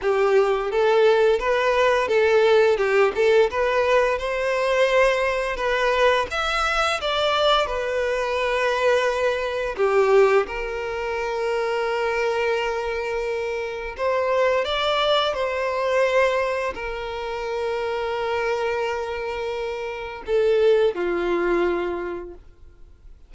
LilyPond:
\new Staff \with { instrumentName = "violin" } { \time 4/4 \tempo 4 = 86 g'4 a'4 b'4 a'4 | g'8 a'8 b'4 c''2 | b'4 e''4 d''4 b'4~ | b'2 g'4 ais'4~ |
ais'1 | c''4 d''4 c''2 | ais'1~ | ais'4 a'4 f'2 | }